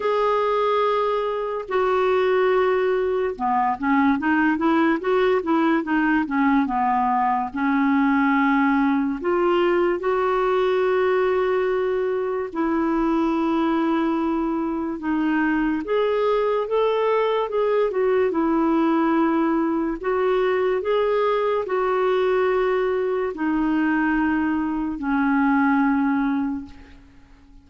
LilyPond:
\new Staff \with { instrumentName = "clarinet" } { \time 4/4 \tempo 4 = 72 gis'2 fis'2 | b8 cis'8 dis'8 e'8 fis'8 e'8 dis'8 cis'8 | b4 cis'2 f'4 | fis'2. e'4~ |
e'2 dis'4 gis'4 | a'4 gis'8 fis'8 e'2 | fis'4 gis'4 fis'2 | dis'2 cis'2 | }